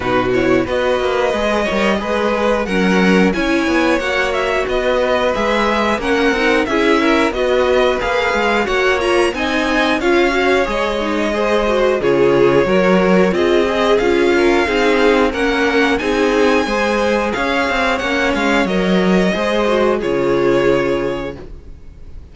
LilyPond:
<<
  \new Staff \with { instrumentName = "violin" } { \time 4/4 \tempo 4 = 90 b'8 cis''8 dis''2. | fis''4 gis''4 fis''8 e''8 dis''4 | e''4 fis''4 e''4 dis''4 | f''4 fis''8 ais''8 gis''4 f''4 |
dis''2 cis''2 | dis''4 f''2 fis''4 | gis''2 f''4 fis''8 f''8 | dis''2 cis''2 | }
  \new Staff \with { instrumentName = "violin" } { \time 4/4 fis'4 b'4. cis''8 b'4 | ais'4 cis''2 b'4~ | b'4 ais'4 gis'8 ais'8 b'4~ | b'4 cis''4 dis''4 cis''4~ |
cis''4 c''4 gis'4 ais'4 | gis'4. ais'8 gis'4 ais'4 | gis'4 c''4 cis''2~ | cis''4 c''4 gis'2 | }
  \new Staff \with { instrumentName = "viola" } { \time 4/4 dis'8 e'8 fis'4 gis'8 ais'8 gis'4 | cis'4 e'4 fis'2 | gis'4 cis'8 dis'8 e'4 fis'4 | gis'4 fis'8 f'8 dis'4 f'8 fis'8 |
gis'8 dis'8 gis'8 fis'8 f'4 fis'4 | f'8 gis'8 f'4 dis'4 cis'4 | dis'4 gis'2 cis'4 | ais'4 gis'8 fis'8 f'2 | }
  \new Staff \with { instrumentName = "cello" } { \time 4/4 b,4 b8 ais8 gis8 g8 gis4 | fis4 cis'8 b8 ais4 b4 | gis4 ais8 c'8 cis'4 b4 | ais8 gis8 ais4 c'4 cis'4 |
gis2 cis4 fis4 | c'4 cis'4 c'4 ais4 | c'4 gis4 cis'8 c'8 ais8 gis8 | fis4 gis4 cis2 | }
>>